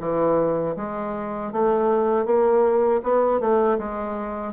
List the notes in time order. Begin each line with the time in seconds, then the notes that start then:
0.00 E3
0.76 G#3
1.52 A3
2.25 A#3
3.03 B3
3.40 A3
3.78 G#3